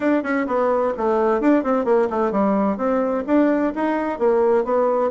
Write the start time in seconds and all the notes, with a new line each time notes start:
0.00 D4
0.23 C#4
0.46 B3
0.97 A3
1.40 D4
1.63 C4
1.85 A#3
2.10 A3
2.31 G3
2.77 C4
3.26 D4
3.75 D#4
4.18 A#3
4.64 B3